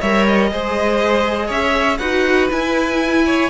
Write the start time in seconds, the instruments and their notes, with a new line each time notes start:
0.00 cello G3, viola A#4, violin C#5 E5
0.27 violin D#5
0.52 cello G#3, viola G#4, violin C5
1.47 cello C#4, violin C#5 E5
1.98 cello D#4, viola F#4, violin B4 F#5
2.50 viola E4, cello E4, violin G#5
3.26 violin C#5